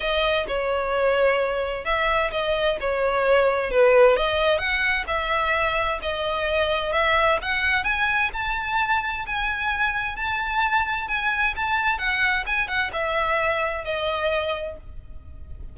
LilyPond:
\new Staff \with { instrumentName = "violin" } { \time 4/4 \tempo 4 = 130 dis''4 cis''2. | e''4 dis''4 cis''2 | b'4 dis''4 fis''4 e''4~ | e''4 dis''2 e''4 |
fis''4 gis''4 a''2 | gis''2 a''2 | gis''4 a''4 fis''4 gis''8 fis''8 | e''2 dis''2 | }